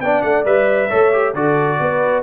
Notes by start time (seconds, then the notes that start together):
0.00 B3 D4 D5 G5
0.22 A3 F#5
0.45 G3 B4 E5
0.90 A3 A4 C#5
1.13 G4
1.35 D3 F#4 A4 D5
1.80 B3 B4